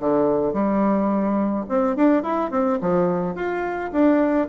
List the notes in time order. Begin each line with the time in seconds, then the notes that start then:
0.00 D3
0.53 G3
1.69 C4
1.96 D4
2.23 E4
2.51 C4
2.81 F3
3.35 F4
3.92 D4